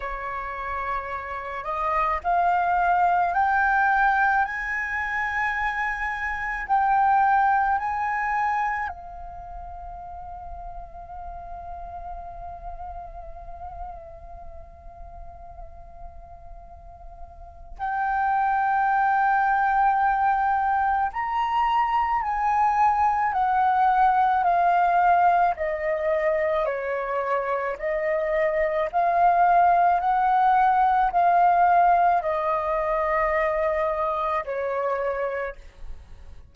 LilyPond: \new Staff \with { instrumentName = "flute" } { \time 4/4 \tempo 4 = 54 cis''4. dis''8 f''4 g''4 | gis''2 g''4 gis''4 | f''1~ | f''1 |
g''2. ais''4 | gis''4 fis''4 f''4 dis''4 | cis''4 dis''4 f''4 fis''4 | f''4 dis''2 cis''4 | }